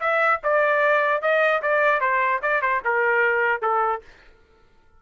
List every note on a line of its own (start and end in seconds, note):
0.00 0.40 E5
0.43 1.21 D5
1.21 1.61 D#5
1.62 2.00 D5
2.00 2.40 C5
2.42 2.61 D5
2.61 2.81 C5
2.84 3.61 A#4
3.61 4.01 A4